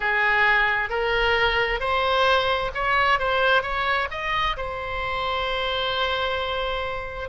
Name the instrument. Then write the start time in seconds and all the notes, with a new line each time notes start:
oboe
0.00 G#4
0.89 A#4
1.80 C5
2.74 C#5
3.19 C5
3.62 C#5
4.10 D#5
4.56 C5